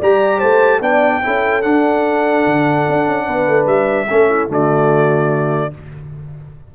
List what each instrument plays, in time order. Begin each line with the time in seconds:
0.00 tuba G3, trombone G4, horn D5, trumpet A#5
0.39 tuba A3, horn C5, trumpet A5
0.81 tuba B3, trombone D4, horn D5, trumpet G5
1.24 tuba C#4, trombone E4, horn A4
1.63 trombone D4, tuba D4, trumpet F#5
2.46 tuba D3
2.89 tuba D4
3.08 tuba C#4
3.26 tuba B3, horn B4
3.48 tuba A3
3.67 tuba G3, trumpet E5
4.10 tuba A3, trombone C#4, horn A4
4.30 horn E4
4.49 tuba D3, trombone A3, horn F#4, trumpet D5